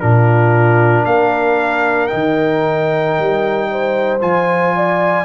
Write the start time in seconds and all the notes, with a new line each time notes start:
0.00 A#2 D4 F4 A#4
1.05 A#3 A#4 F5
2.07 D#4 G5
2.13 D#3
3.19 G3
3.71 C5
4.21 F3 F4 G#5
4.76 D5